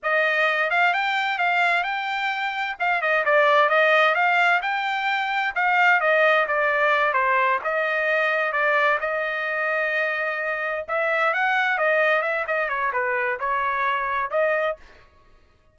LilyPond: \new Staff \with { instrumentName = "trumpet" } { \time 4/4 \tempo 4 = 130 dis''4. f''8 g''4 f''4 | g''2 f''8 dis''8 d''4 | dis''4 f''4 g''2 | f''4 dis''4 d''4. c''8~ |
c''8 dis''2 d''4 dis''8~ | dis''2.~ dis''8 e''8~ | e''8 fis''4 dis''4 e''8 dis''8 cis''8 | b'4 cis''2 dis''4 | }